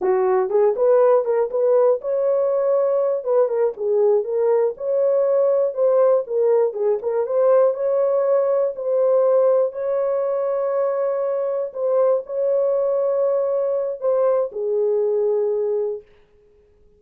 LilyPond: \new Staff \with { instrumentName = "horn" } { \time 4/4 \tempo 4 = 120 fis'4 gis'8 b'4 ais'8 b'4 | cis''2~ cis''8 b'8 ais'8 gis'8~ | gis'8 ais'4 cis''2 c''8~ | c''8 ais'4 gis'8 ais'8 c''4 cis''8~ |
cis''4. c''2 cis''8~ | cis''2.~ cis''8 c''8~ | c''8 cis''2.~ cis''8 | c''4 gis'2. | }